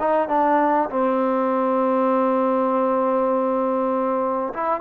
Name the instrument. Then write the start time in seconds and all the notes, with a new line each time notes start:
trombone
0.00 D#4
0.29 D4
0.90 C4
4.54 E4